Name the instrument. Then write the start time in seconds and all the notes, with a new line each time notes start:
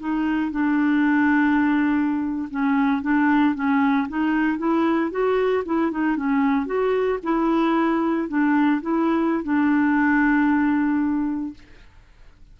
clarinet
0.00 D#4
0.52 D4
2.51 C#4
3.02 D4
3.55 C#4
4.09 D#4
4.58 E4
5.11 F#4
5.65 E4
5.91 D#4
6.17 C#4
6.66 F#4
7.23 E4
8.29 D4
8.82 E4
9.44 D4